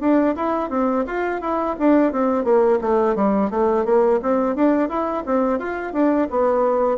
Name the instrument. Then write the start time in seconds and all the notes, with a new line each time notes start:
bassoon
0.00 D4
0.36 E4
0.70 C4
1.07 F4
1.41 E4
1.79 D4
2.12 C4
2.44 A#3
2.81 A3
3.16 G3
3.50 A3
3.85 A#3
4.22 C4
4.55 D4
4.89 E4
5.25 C4
5.59 F4
5.93 D4
6.30 B3